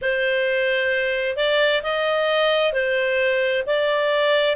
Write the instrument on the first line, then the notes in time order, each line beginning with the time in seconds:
clarinet
0.01 C5
1.36 D5
1.83 D#5
2.72 C5
3.66 D5